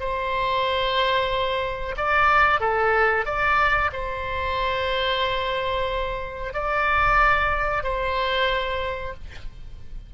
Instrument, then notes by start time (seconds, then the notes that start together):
oboe
0.00 C5
1.97 D5
2.61 A4
3.26 D5
3.93 C5
6.54 D5
7.84 C5